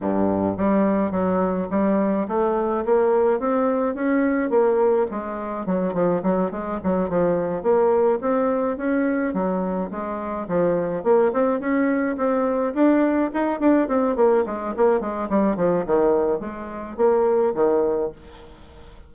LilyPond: \new Staff \with { instrumentName = "bassoon" } { \time 4/4 \tempo 4 = 106 g,4 g4 fis4 g4 | a4 ais4 c'4 cis'4 | ais4 gis4 fis8 f8 fis8 gis8 | fis8 f4 ais4 c'4 cis'8~ |
cis'8 fis4 gis4 f4 ais8 | c'8 cis'4 c'4 d'4 dis'8 | d'8 c'8 ais8 gis8 ais8 gis8 g8 f8 | dis4 gis4 ais4 dis4 | }